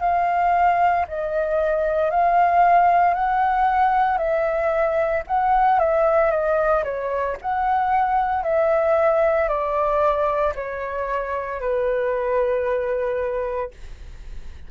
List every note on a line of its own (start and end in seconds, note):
0.00 1.05 F5
1.08 2.10 D#5
2.10 3.13 F5
3.13 4.17 F#5
4.17 5.22 E5
5.27 5.79 F#5
5.79 6.31 E5
6.31 6.83 D#5
6.84 7.36 C#5
7.41 8.43 F#5
8.43 9.48 E5
9.48 10.53 D5
10.55 11.60 C#5
11.60 13.70 B4